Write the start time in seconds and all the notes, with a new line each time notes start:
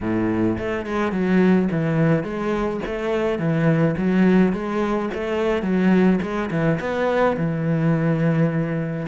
0.01 A2
0.58 A3
0.85 G#3
1.12 F#3
1.71 E3
2.23 G#3
2.86 A3
3.38 E3
3.97 F#3
4.52 G#3
5.14 A3
5.62 F#3
6.21 G#3
6.51 E3
6.80 B3
7.37 E3